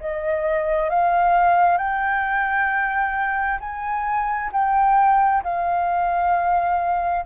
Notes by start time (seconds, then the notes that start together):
0.00 D#5
0.89 F5
1.77 G5
3.60 G#5
4.52 G5
5.43 F5